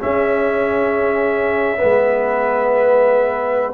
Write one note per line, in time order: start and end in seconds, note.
0.00 1.77 C#4
0.00 1.82 C#4
0.00 1.78 G#4
0.00 3.75 E5
1.77 3.73 B3
1.77 3.74 B4
1.83 3.75 G#3